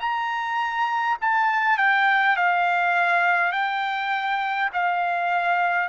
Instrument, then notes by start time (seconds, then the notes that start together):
trumpet
0.00 A#5
1.21 A5
1.78 G5
2.37 F5
3.52 G5
4.73 F5